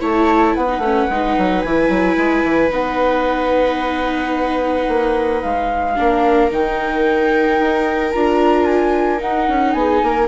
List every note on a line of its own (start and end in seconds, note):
0.00 0.56 A3
0.00 0.68 E4
0.00 0.55 C#5
0.00 0.55 A5
0.55 0.78 B3
0.55 5.95 B4
0.55 1.61 F#5
0.68 0.82 D#4
0.78 1.05 A3
0.78 1.11 C#4
1.10 1.37 G#3
1.10 1.66 D#4
1.38 1.65 F#3
1.61 1.89 E3
1.61 2.70 G#5
1.69 2.71 E4
1.89 2.16 F#3
2.17 2.44 G#3
2.44 2.71 E3
2.71 4.88 B3
2.71 5.95 D#4
2.71 5.42 F#5
4.89 5.43 A#3
5.42 5.98 G#3
5.42 6.50 F5
5.96 6.51 A#3
5.96 6.50 D4
5.96 9.76 A#4
6.51 7.59 D#3
6.51 8.14 D#4
6.51 8.12 G5
7.59 8.13 D#4
8.12 9.22 D4
8.12 9.19 F4
8.12 8.66 A#5
8.66 9.20 G#5
9.19 10.27 D#4
9.19 9.49 D#4
9.19 9.73 F#5
9.49 9.74 C#4
9.73 10.01 B3
9.73 10.04 G#4
9.73 10.27 G#5
10.03 10.29 A#3
10.03 10.29 A#4